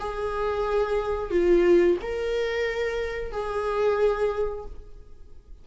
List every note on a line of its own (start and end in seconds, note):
0.00 1.31 G#4
1.31 1.97 F4
2.02 3.32 A#4
3.32 4.65 G#4